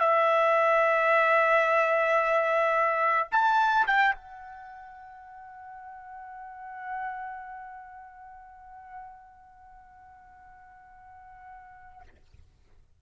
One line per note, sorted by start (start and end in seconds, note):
0.00 3.29 E5
3.32 3.87 A5
3.87 4.16 G5
4.16 12.02 F#5